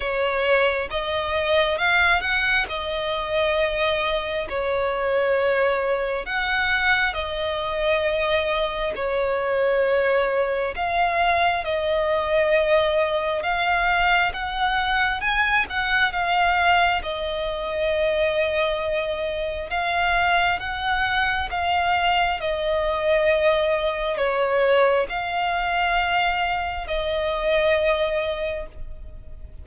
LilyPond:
\new Staff \with { instrumentName = "violin" } { \time 4/4 \tempo 4 = 67 cis''4 dis''4 f''8 fis''8 dis''4~ | dis''4 cis''2 fis''4 | dis''2 cis''2 | f''4 dis''2 f''4 |
fis''4 gis''8 fis''8 f''4 dis''4~ | dis''2 f''4 fis''4 | f''4 dis''2 cis''4 | f''2 dis''2 | }